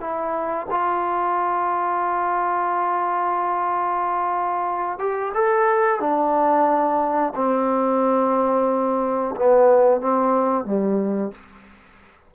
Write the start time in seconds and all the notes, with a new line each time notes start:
0.00 E4
0.70 F4
4.98 G4
5.34 A4
6.00 D4
7.35 C4
9.35 B3
10.01 C4
10.65 G3